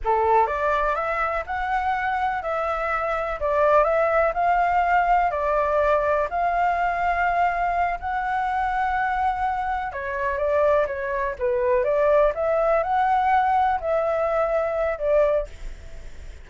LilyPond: \new Staff \with { instrumentName = "flute" } { \time 4/4 \tempo 4 = 124 a'4 d''4 e''4 fis''4~ | fis''4 e''2 d''4 | e''4 f''2 d''4~ | d''4 f''2.~ |
f''8 fis''2.~ fis''8~ | fis''8 cis''4 d''4 cis''4 b'8~ | b'8 d''4 e''4 fis''4.~ | fis''8 e''2~ e''8 d''4 | }